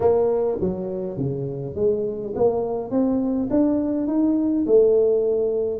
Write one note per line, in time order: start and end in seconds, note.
0.00 0.58 A#3
0.60 1.17 F#3
1.17 1.75 C#3
1.75 2.33 G#3
2.35 2.90 A#3
2.90 3.48 C4
3.50 4.07 D4
4.07 4.65 D#4
4.66 5.80 A3